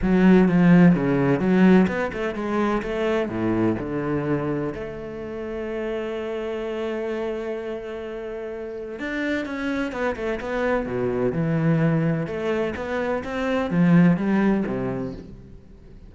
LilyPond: \new Staff \with { instrumentName = "cello" } { \time 4/4 \tempo 4 = 127 fis4 f4 cis4 fis4 | b8 a8 gis4 a4 a,4 | d2 a2~ | a1~ |
a2. d'4 | cis'4 b8 a8 b4 b,4 | e2 a4 b4 | c'4 f4 g4 c4 | }